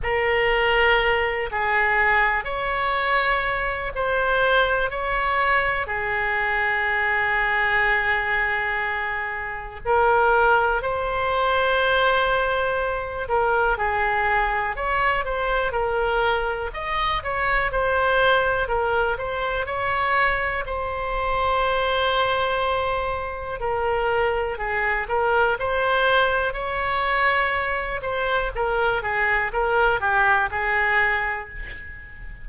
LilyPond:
\new Staff \with { instrumentName = "oboe" } { \time 4/4 \tempo 4 = 61 ais'4. gis'4 cis''4. | c''4 cis''4 gis'2~ | gis'2 ais'4 c''4~ | c''4. ais'8 gis'4 cis''8 c''8 |
ais'4 dis''8 cis''8 c''4 ais'8 c''8 | cis''4 c''2. | ais'4 gis'8 ais'8 c''4 cis''4~ | cis''8 c''8 ais'8 gis'8 ais'8 g'8 gis'4 | }